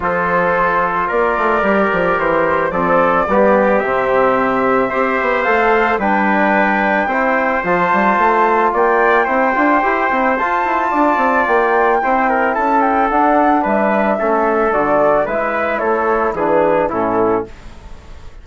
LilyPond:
<<
  \new Staff \with { instrumentName = "flute" } { \time 4/4 \tempo 4 = 110 c''2 d''2 | c''4 d''2 e''4~ | e''2 f''4 g''4~ | g''2 a''2 |
g''2. a''4~ | a''4 g''2 a''8 g''8 | fis''4 e''2 d''4 | e''4 cis''4 b'4 a'4 | }
  \new Staff \with { instrumentName = "trumpet" } { \time 4/4 a'2 ais'2~ | ais'4 a'4 g'2~ | g'4 c''2 b'4~ | b'4 c''2. |
d''4 c''2. | d''2 c''8 ais'8 a'4~ | a'4 b'4 a'2 | b'4 a'4 gis'4 e'4 | }
  \new Staff \with { instrumentName = "trombone" } { \time 4/4 f'2. g'4~ | g'4 c'4 b4 c'4~ | c'4 g'4 a'4 d'4~ | d'4 e'4 f'2~ |
f'4 e'8 f'8 g'8 e'8 f'4~ | f'2 e'2 | d'2 cis'4 fis'4 | e'2 d'4 cis'4 | }
  \new Staff \with { instrumentName = "bassoon" } { \time 4/4 f2 ais8 a8 g8 f8 | e4 f4 g4 c4~ | c4 c'8 b8 a4 g4~ | g4 c'4 f8 g8 a4 |
ais4 c'8 d'8 e'8 c'8 f'8 e'8 | d'8 c'8 ais4 c'4 cis'4 | d'4 g4 a4 d4 | gis4 a4 e4 a,4 | }
>>